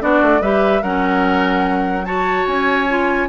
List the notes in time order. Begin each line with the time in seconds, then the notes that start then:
0.00 B3 D4 F#4 D5
0.22 A3
0.41 G3 G4 B4 E5
0.82 F#3 C#4 A#4 F#5
2.05 F#4 C#5 A5
2.46 C#4 G#5
2.89 F4